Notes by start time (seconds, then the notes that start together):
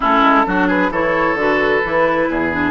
0.00 A3 C#4 E4 A4
0.21 G#3
0.46 F#3 D4 F#4
0.67 G#4 B4
0.89 E3 E4 A4 C#5
1.34 D3 F#4 B4
1.83 E3 E4
2.28 E2 G#4
2.51 D4